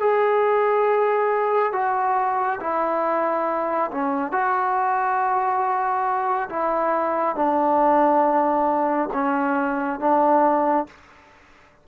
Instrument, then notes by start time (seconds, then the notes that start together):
trombone
0.00 G#4
1.73 F#4
2.60 E4
3.91 C#4
4.32 F#4
6.50 E4
7.36 D4
9.14 C#4
10.00 D4